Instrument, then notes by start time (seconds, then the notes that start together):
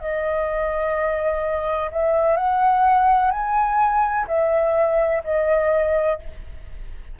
flute
0.00 D#5
1.91 E5
2.36 F#5
3.31 G#5
4.28 E5
5.24 D#5